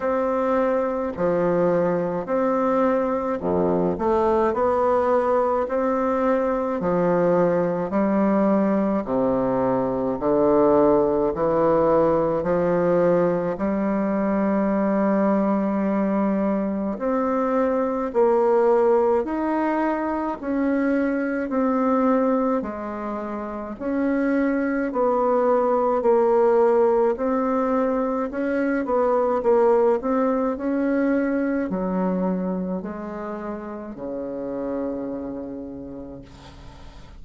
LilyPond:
\new Staff \with { instrumentName = "bassoon" } { \time 4/4 \tempo 4 = 53 c'4 f4 c'4 f,8 a8 | b4 c'4 f4 g4 | c4 d4 e4 f4 | g2. c'4 |
ais4 dis'4 cis'4 c'4 | gis4 cis'4 b4 ais4 | c'4 cis'8 b8 ais8 c'8 cis'4 | fis4 gis4 cis2 | }